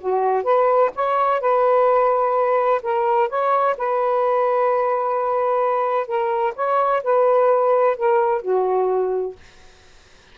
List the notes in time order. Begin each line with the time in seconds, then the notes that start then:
0.00 F#4
0.43 B4
0.95 C#5
1.40 B4
2.82 A#4
3.29 C#5
3.77 B4
6.07 A#4
6.55 C#5
7.03 B4
7.96 A#4
8.42 F#4